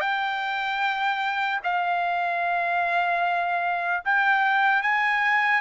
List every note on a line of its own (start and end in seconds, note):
0.00 1.60 G5
1.63 4.03 F5
4.04 4.82 G5
4.82 5.61 G#5